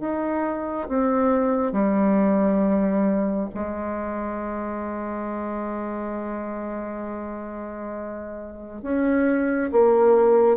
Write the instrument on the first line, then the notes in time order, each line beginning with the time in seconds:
bassoon
0.00 D#4
0.88 C4
1.72 G3
3.54 G#3
8.82 C#4
9.72 A#3